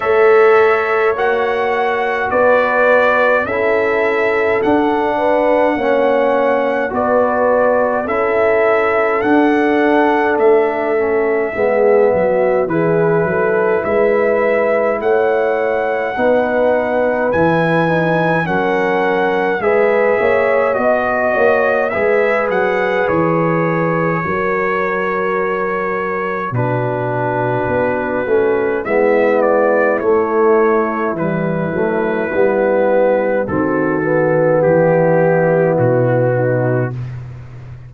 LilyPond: <<
  \new Staff \with { instrumentName = "trumpet" } { \time 4/4 \tempo 4 = 52 e''4 fis''4 d''4 e''4 | fis''2 d''4 e''4 | fis''4 e''2 b'4 | e''4 fis''2 gis''4 |
fis''4 e''4 dis''4 e''8 fis''8 | cis''2. b'4~ | b'4 e''8 d''8 cis''4 b'4~ | b'4 a'4 g'4 fis'4 | }
  \new Staff \with { instrumentName = "horn" } { \time 4/4 cis''2 b'4 a'4~ | a'8 b'8 cis''4 b'4 a'4~ | a'2 gis'8 fis'8 gis'8 a'8 | b'4 cis''4 b'2 |
ais'4 b'8 cis''8 dis''8 cis''8 b'4~ | b'4 ais'2 fis'4~ | fis'4 e'2.~ | e'4 fis'4 e'4. dis'8 | }
  \new Staff \with { instrumentName = "trombone" } { \time 4/4 a'4 fis'2 e'4 | d'4 cis'4 fis'4 e'4 | d'4. cis'8 b4 e'4~ | e'2 dis'4 e'8 dis'8 |
cis'4 gis'4 fis'4 gis'4~ | gis'4 fis'2 d'4~ | d'8 cis'8 b4 a4 g8 a8 | b4 c'8 b2~ b8 | }
  \new Staff \with { instrumentName = "tuba" } { \time 4/4 a4 ais4 b4 cis'4 | d'4 ais4 b4 cis'4 | d'4 a4 gis8 fis8 e8 fis8 | gis4 a4 b4 e4 |
fis4 gis8 ais8 b8 ais8 gis8 fis8 | e4 fis2 b,4 | b8 a8 gis4 a4 e8 fis8 | g4 dis4 e4 b,4 | }
>>